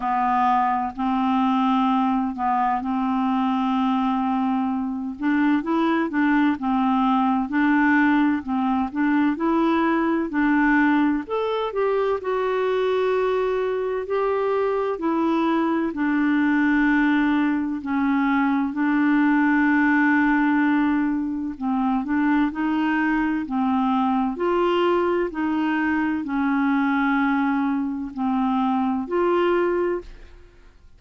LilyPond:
\new Staff \with { instrumentName = "clarinet" } { \time 4/4 \tempo 4 = 64 b4 c'4. b8 c'4~ | c'4. d'8 e'8 d'8 c'4 | d'4 c'8 d'8 e'4 d'4 | a'8 g'8 fis'2 g'4 |
e'4 d'2 cis'4 | d'2. c'8 d'8 | dis'4 c'4 f'4 dis'4 | cis'2 c'4 f'4 | }